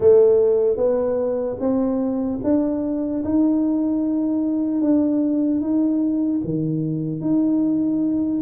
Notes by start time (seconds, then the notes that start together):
0.00 A3
0.76 B3
1.59 C4
2.43 D4
3.24 D#4
4.81 D4
5.60 D#4
6.44 D#3
7.20 D#4